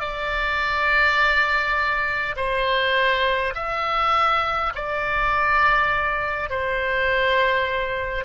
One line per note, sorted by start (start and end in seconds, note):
0.00 2.35 D5
2.36 3.53 C5
3.55 4.72 E5
4.74 6.49 D5
6.49 8.24 C5